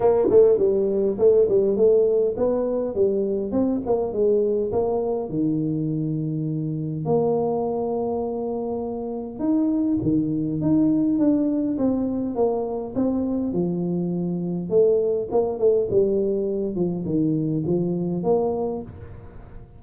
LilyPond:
\new Staff \with { instrumentName = "tuba" } { \time 4/4 \tempo 4 = 102 ais8 a8 g4 a8 g8 a4 | b4 g4 c'8 ais8 gis4 | ais4 dis2. | ais1 |
dis'4 dis4 dis'4 d'4 | c'4 ais4 c'4 f4~ | f4 a4 ais8 a8 g4~ | g8 f8 dis4 f4 ais4 | }